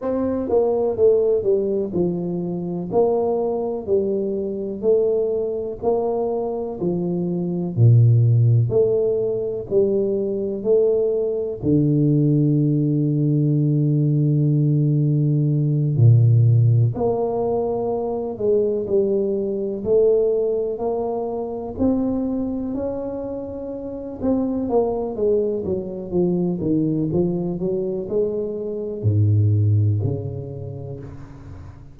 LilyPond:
\new Staff \with { instrumentName = "tuba" } { \time 4/4 \tempo 4 = 62 c'8 ais8 a8 g8 f4 ais4 | g4 a4 ais4 f4 | ais,4 a4 g4 a4 | d1~ |
d8 ais,4 ais4. gis8 g8~ | g8 a4 ais4 c'4 cis'8~ | cis'4 c'8 ais8 gis8 fis8 f8 dis8 | f8 fis8 gis4 gis,4 cis4 | }